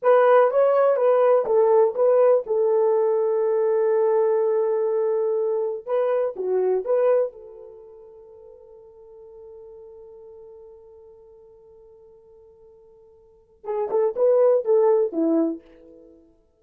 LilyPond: \new Staff \with { instrumentName = "horn" } { \time 4/4 \tempo 4 = 123 b'4 cis''4 b'4 a'4 | b'4 a'2.~ | a'1 | b'4 fis'4 b'4 a'4~ |
a'1~ | a'1~ | a'1 | gis'8 a'8 b'4 a'4 e'4 | }